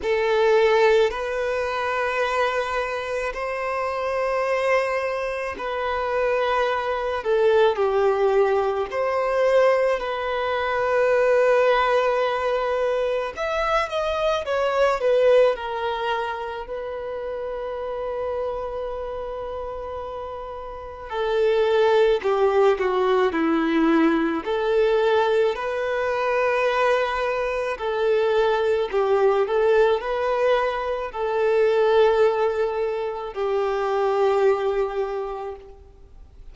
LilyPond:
\new Staff \with { instrumentName = "violin" } { \time 4/4 \tempo 4 = 54 a'4 b'2 c''4~ | c''4 b'4. a'8 g'4 | c''4 b'2. | e''8 dis''8 cis''8 b'8 ais'4 b'4~ |
b'2. a'4 | g'8 fis'8 e'4 a'4 b'4~ | b'4 a'4 g'8 a'8 b'4 | a'2 g'2 | }